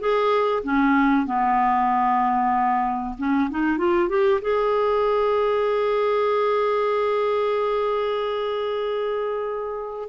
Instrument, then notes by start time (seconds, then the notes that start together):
clarinet
0.00 G#4
0.64 C#4
1.27 B3
3.18 C#4
3.51 D#4
3.78 F4
4.09 G4
4.42 G#4